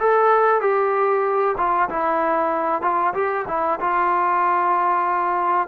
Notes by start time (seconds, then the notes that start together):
0.00 A4
0.61 G4
1.58 F4
1.90 E4
2.82 F4
3.14 G4
3.48 E4
3.81 F4